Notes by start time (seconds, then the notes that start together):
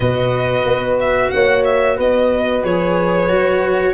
0.00 B2 F#4 B4 D#5
0.65 B3
1.00 E5
1.30 A#3 C#5 F#5
1.64 E5
1.97 B3 B4 D#5
2.64 F3 G#4 C#5
3.28 F#3 F#4